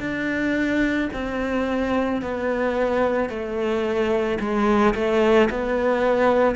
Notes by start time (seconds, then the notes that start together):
0.00 D4
1.13 C4
2.22 B3
3.30 A3
4.40 G#3
4.94 A3
5.50 B3